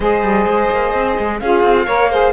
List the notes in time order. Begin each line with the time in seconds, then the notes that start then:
0.00 G#3 G#4 C5 D#5
0.22 G3
0.46 G#3
0.70 A#3
0.94 C4
1.18 G#3
1.39 C#4 F4 G#4 F5
1.63 C4
1.86 A#3 A#4 C#5
2.09 G#4 C5